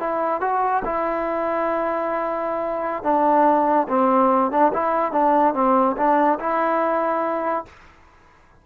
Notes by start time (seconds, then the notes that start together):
0.00 E4
0.41 F#4
0.85 E4
3.04 D4
3.89 C4
4.52 D4
4.74 E4
5.13 D4
5.54 C4
5.97 D4
6.40 E4